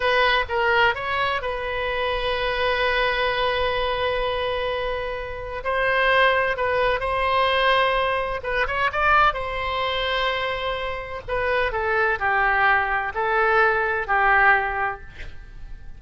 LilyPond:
\new Staff \with { instrumentName = "oboe" } { \time 4/4 \tempo 4 = 128 b'4 ais'4 cis''4 b'4~ | b'1~ | b'1 | c''2 b'4 c''4~ |
c''2 b'8 cis''8 d''4 | c''1 | b'4 a'4 g'2 | a'2 g'2 | }